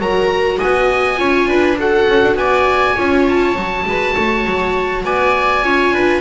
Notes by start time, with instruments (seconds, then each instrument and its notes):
0.00 double bass F#3, viola F#4 A#4, oboe A#5
0.59 double bass B3, viola D#5, oboe G#5
1.17 double bass C#4, viola F4 C#5
1.48 double bass D4, viola B4
1.79 viola F#4 A4, oboe F#5
2.09 double bass C#4
2.23 double bass D4
2.36 double bass B3, viola D5, oboe G#5
2.95 double bass C#4, viola F4 C#5
3.29 oboe A5
3.56 double bass F#3, viola F#4
3.86 double bass G#3, viola B4
4.15 double bass A3, viola C#5
4.46 double bass F#3
5.05 double bass B3, viola D5, oboe G#5
5.63 double bass C#4, viola F4 C#5
5.93 double bass D4, viola B4